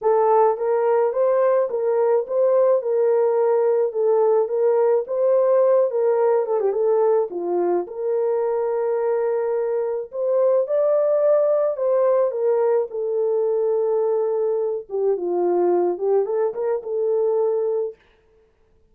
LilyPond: \new Staff \with { instrumentName = "horn" } { \time 4/4 \tempo 4 = 107 a'4 ais'4 c''4 ais'4 | c''4 ais'2 a'4 | ais'4 c''4. ais'4 a'16 g'16 | a'4 f'4 ais'2~ |
ais'2 c''4 d''4~ | d''4 c''4 ais'4 a'4~ | a'2~ a'8 g'8 f'4~ | f'8 g'8 a'8 ais'8 a'2 | }